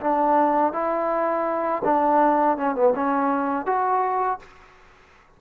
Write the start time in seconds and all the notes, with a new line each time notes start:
0.00 D4
0.73 E4
1.84 D4
2.57 C#4
2.75 B3
2.95 C#4
3.66 F#4